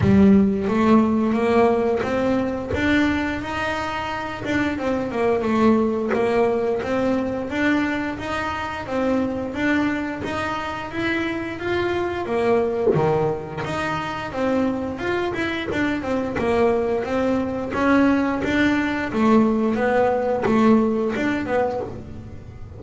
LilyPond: \new Staff \with { instrumentName = "double bass" } { \time 4/4 \tempo 4 = 88 g4 a4 ais4 c'4 | d'4 dis'4. d'8 c'8 ais8 | a4 ais4 c'4 d'4 | dis'4 c'4 d'4 dis'4 |
e'4 f'4 ais4 dis4 | dis'4 c'4 f'8 e'8 d'8 c'8 | ais4 c'4 cis'4 d'4 | a4 b4 a4 d'8 b8 | }